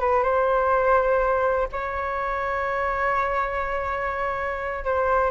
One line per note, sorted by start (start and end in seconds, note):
0.00 0.23 B4
0.23 1.68 C5
1.72 4.84 C#5
4.84 5.30 C5